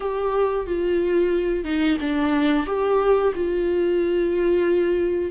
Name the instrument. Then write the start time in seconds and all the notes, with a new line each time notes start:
viola
0.00 G4
0.66 F4
1.64 D#4
2.00 D4
2.66 G4
3.35 F4